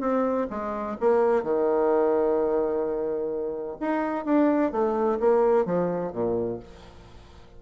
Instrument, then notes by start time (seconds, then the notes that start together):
bassoon
0.00 C4
0.50 G#3
1.00 A#3
1.43 D#3
3.80 D#4
4.25 D4
4.72 A3
5.19 A#3
5.65 F3
6.13 A#2